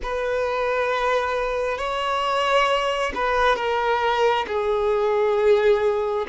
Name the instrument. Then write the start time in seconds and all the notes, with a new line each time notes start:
violin
0.02 B4
1.77 C#5
3.14 B4
3.56 A#4
4.47 G#4